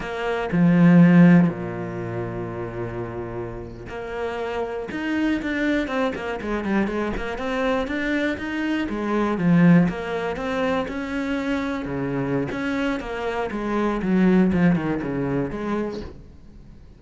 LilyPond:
\new Staff \with { instrumentName = "cello" } { \time 4/4 \tempo 4 = 120 ais4 f2 ais,4~ | ais,2.~ ais,8. ais16~ | ais4.~ ais16 dis'4 d'4 c'16~ | c'16 ais8 gis8 g8 gis8 ais8 c'4 d'16~ |
d'8. dis'4 gis4 f4 ais16~ | ais8. c'4 cis'2 cis16~ | cis4 cis'4 ais4 gis4 | fis4 f8 dis8 cis4 gis4 | }